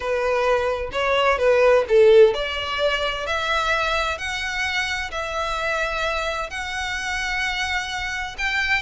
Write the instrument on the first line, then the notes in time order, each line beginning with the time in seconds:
violin
0.00 B4
0.92 C#5
1.38 B4
1.88 A4
2.34 D5
3.26 E5
4.17 F#5
5.11 E5
6.50 F#5
8.38 G5